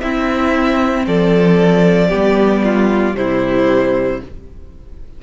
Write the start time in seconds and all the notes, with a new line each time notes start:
0.00 C4 E4 E5
1.06 F3 A4 D5
2.08 G3 B3 G4
2.64 F4
3.14 C3 G3 E4 C5